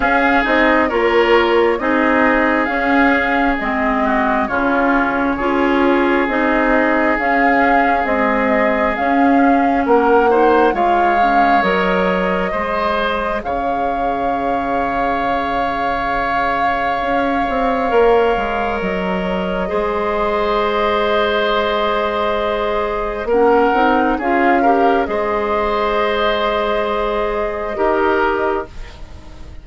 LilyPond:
<<
  \new Staff \with { instrumentName = "flute" } { \time 4/4 \tempo 4 = 67 f''8 dis''8 cis''4 dis''4 f''4 | dis''4 cis''2 dis''4 | f''4 dis''4 f''4 fis''4 | f''4 dis''2 f''4~ |
f''1~ | f''4 dis''2.~ | dis''2 fis''4 f''4 | dis''1 | }
  \new Staff \with { instrumentName = "oboe" } { \time 4/4 gis'4 ais'4 gis'2~ | gis'8 fis'8 f'4 gis'2~ | gis'2. ais'8 c''8 | cis''2 c''4 cis''4~ |
cis''1~ | cis''2 c''2~ | c''2 ais'4 gis'8 ais'8 | c''2. ais'4 | }
  \new Staff \with { instrumentName = "clarinet" } { \time 4/4 cis'8 dis'8 f'4 dis'4 cis'4 | c'4 cis'4 f'4 dis'4 | cis'4 gis4 cis'4. dis'8 | f'8 cis'8 ais'4 gis'2~ |
gis'1 | ais'2 gis'2~ | gis'2 cis'8 dis'8 f'8 g'8 | gis'2. g'4 | }
  \new Staff \with { instrumentName = "bassoon" } { \time 4/4 cis'8 c'8 ais4 c'4 cis'4 | gis4 cis4 cis'4 c'4 | cis'4 c'4 cis'4 ais4 | gis4 fis4 gis4 cis4~ |
cis2. cis'8 c'8 | ais8 gis8 fis4 gis2~ | gis2 ais8 c'8 cis'4 | gis2. dis'4 | }
>>